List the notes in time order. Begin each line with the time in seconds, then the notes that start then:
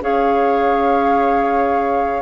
0.00 C#4 G#4 C#5 F5